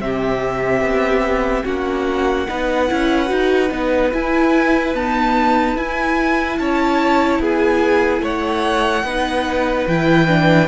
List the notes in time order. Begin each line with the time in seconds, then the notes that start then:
0.00 C3 C4 G4 E5
0.81 B3
1.64 A#3 C#4 F#4 F#5
2.48 B3 D#4 B4
2.88 C#4 E4
3.26 D#4 F#4
3.71 B3 D#4
4.12 E4 G#5
4.94 B3 D#4 A5
5.76 E4 G#5
6.58 C#4 C#5 A5
7.39 B3 G#4 G#5
8.21 A3 C#5 F#5
9.03 B3 D#4 B4
9.87 E3 E4 G5
10.27 D4